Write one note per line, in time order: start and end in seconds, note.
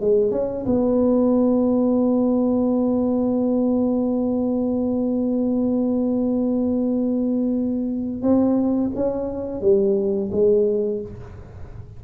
0.00 0.31 G#3
0.31 0.66 C#4
0.66 8.22 B3
8.22 8.91 C4
8.95 9.61 C#4
9.61 10.30 G3
10.32 11.01 G#3